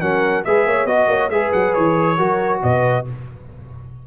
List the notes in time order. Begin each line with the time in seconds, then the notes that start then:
0.00 F#3 C#4 A#4 F#5
0.44 G#3 G#4 B4 E5
0.66 A#3 C#5
0.85 B3 F#4 D#5
1.07 A#3 C#5
1.28 G#3 G#4 B4 E5
1.52 F#3 F#5
1.73 E3 C#5
2.17 F#3 F#4 A#4
2.62 B2 B4 D#5